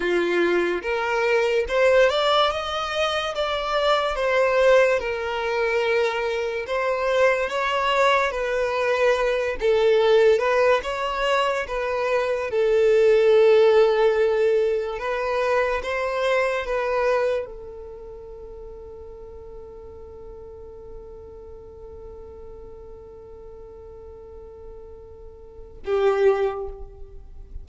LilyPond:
\new Staff \with { instrumentName = "violin" } { \time 4/4 \tempo 4 = 72 f'4 ais'4 c''8 d''8 dis''4 | d''4 c''4 ais'2 | c''4 cis''4 b'4. a'8~ | a'8 b'8 cis''4 b'4 a'4~ |
a'2 b'4 c''4 | b'4 a'2.~ | a'1~ | a'2. g'4 | }